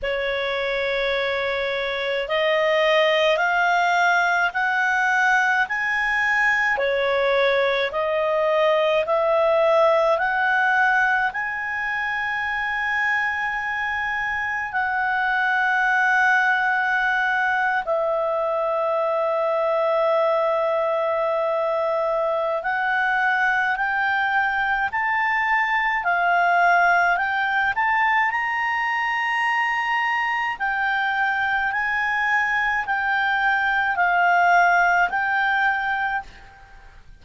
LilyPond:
\new Staff \with { instrumentName = "clarinet" } { \time 4/4 \tempo 4 = 53 cis''2 dis''4 f''4 | fis''4 gis''4 cis''4 dis''4 | e''4 fis''4 gis''2~ | gis''4 fis''2~ fis''8. e''16~ |
e''1 | fis''4 g''4 a''4 f''4 | g''8 a''8 ais''2 g''4 | gis''4 g''4 f''4 g''4 | }